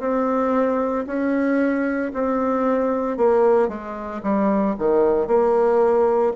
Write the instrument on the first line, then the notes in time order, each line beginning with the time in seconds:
bassoon
0.00 C4
1.07 C#4
2.14 C4
3.17 A#3
3.68 G#3
4.23 G3
4.79 D#3
5.27 A#3